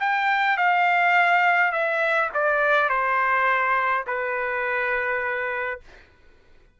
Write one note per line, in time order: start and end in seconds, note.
0.00 0.57 G5
0.57 1.72 F5
1.72 2.30 E5
2.34 2.89 D5
2.89 4.05 C5
4.07 5.80 B4